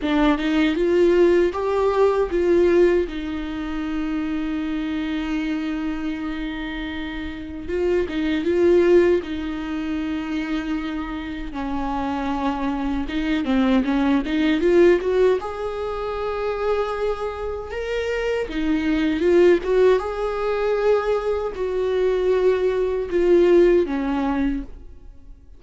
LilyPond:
\new Staff \with { instrumentName = "viola" } { \time 4/4 \tempo 4 = 78 d'8 dis'8 f'4 g'4 f'4 | dis'1~ | dis'2 f'8 dis'8 f'4 | dis'2. cis'4~ |
cis'4 dis'8 c'8 cis'8 dis'8 f'8 fis'8 | gis'2. ais'4 | dis'4 f'8 fis'8 gis'2 | fis'2 f'4 cis'4 | }